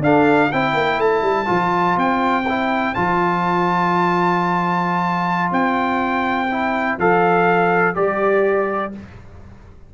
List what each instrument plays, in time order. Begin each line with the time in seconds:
0.00 tuba D4, trombone D4, horn A4, trumpet F5
0.52 tuba C4, trombone E4, horn C5, trumpet G5
0.74 tuba A#3
0.98 tuba A3, trumpet A5
1.22 tuba G3
1.46 tuba F3, trombone F4
1.97 tuba C4, trumpet G5
2.49 trombone E4
2.95 tuba F3, trombone F4, trumpet A5
5.52 tuba C4, trumpet G5
6.51 trombone E4
6.99 tuba F3, trombone A4, trumpet F5
7.95 tuba G3, trombone G4, trumpet D5